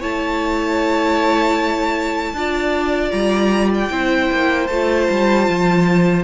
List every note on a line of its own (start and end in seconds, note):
0.00 2.33 A3
0.00 2.35 E4
0.00 2.34 C#5
0.00 3.11 A5
2.33 3.11 D4
2.33 3.91 F4
2.33 3.92 D5
3.11 3.90 G3
3.11 3.70 A#5
3.75 4.67 G5
3.91 4.30 C4
3.91 4.69 E4
3.91 6.24 C5
4.31 4.69 A#3
4.67 5.08 A3
4.67 6.24 F4
4.67 6.23 A5
5.10 5.49 G3
5.49 6.24 F3